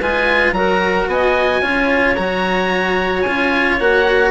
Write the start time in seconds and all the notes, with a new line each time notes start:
0.00 G#3 F4 B4 G#5
0.52 F#3 F#4 A#4 A#5
1.08 B3 D#5 G#5
1.62 C#4 F4 C#5
2.17 F#3 F#4 A#5
3.22 C#4 F4 G#5
3.80 A#3 F#4 F#5